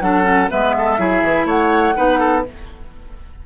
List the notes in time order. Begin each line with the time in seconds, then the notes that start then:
0.00 F#3 D4 A4 F#5
0.22 C#4
0.49 G#3 B3 B4 E5
0.77 A4
0.97 F#3 E4 G#4
1.22 E3
1.45 A3 C#5 F#5
1.95 B3 D#4 B4
2.19 A4